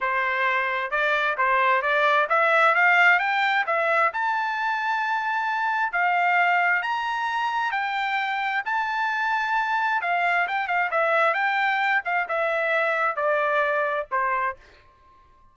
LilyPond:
\new Staff \with { instrumentName = "trumpet" } { \time 4/4 \tempo 4 = 132 c''2 d''4 c''4 | d''4 e''4 f''4 g''4 | e''4 a''2.~ | a''4 f''2 ais''4~ |
ais''4 g''2 a''4~ | a''2 f''4 g''8 f''8 | e''4 g''4. f''8 e''4~ | e''4 d''2 c''4 | }